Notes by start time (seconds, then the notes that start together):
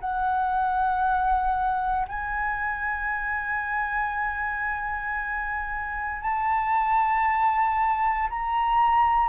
0.00 F#5
2.08 G#5
6.22 A5
8.30 A#5